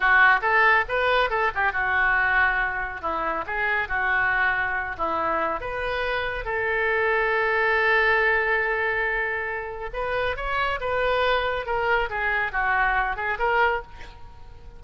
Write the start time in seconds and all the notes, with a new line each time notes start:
0.00 F#4
0.41 A4
0.88 B4
1.29 A4
1.54 G4
1.72 F#4
3.01 E4
3.46 G#4
3.88 F#4
4.97 E4
5.60 B4
6.44 A4
9.93 B4
10.36 C#5
10.80 B4
11.66 A#4
12.09 G#4
12.52 F#4
13.16 G#4
13.38 A#4